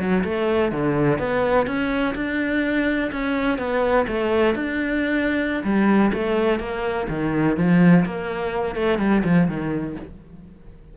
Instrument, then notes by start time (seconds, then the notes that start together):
cello
0.00 F#3
0.24 A3
0.72 D3
1.19 B3
1.67 C#4
2.16 D4
3.12 C#4
3.59 B3
4.08 A3
4.55 D4
5.64 G3
6.14 A3
6.60 A#3
7.09 D#3
7.57 F3
8.06 A#3
8.76 A3
8.99 G3
9.24 F3
9.48 D#3